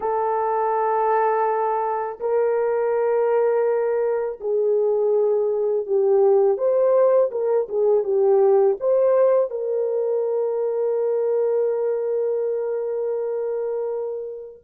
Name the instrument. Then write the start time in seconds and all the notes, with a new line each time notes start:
horn
0.00 A4
2.20 A#4
4.40 G#4
5.86 G4
6.57 C5
7.31 A#4
7.68 G#4
8.03 G4
8.80 C5
9.50 A#4